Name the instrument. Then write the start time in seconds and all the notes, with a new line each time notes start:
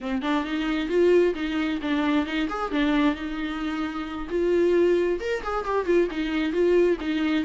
viola
0.00 C4
0.22 D4
0.44 D#4
0.88 F4
1.34 D#4
1.81 D4
2.26 D#4
2.49 G#4
2.71 D4
3.14 D#4
4.29 F4
5.20 A#4
5.43 G#4
5.65 G4
5.85 F4
6.10 D#4
6.52 F4
7.00 D#4